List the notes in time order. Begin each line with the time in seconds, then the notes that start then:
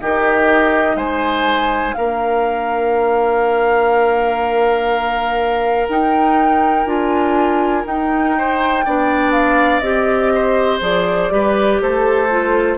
0.00 D#3 D#4 G4 D#5
0.95 G#3 C5 G#5
1.94 A#3 D4 A#4 F5
5.88 D#4 G5
6.85 D4 F4 G#5
7.84 D#4 G5
8.38 C5
8.85 B3 D4 D5
9.32 F5
9.80 C4 G4 D#5
10.35 C5
10.81 F3 G#4 D5
11.30 G3 G4 B4
11.81 A3 A4 C5
12.30 F4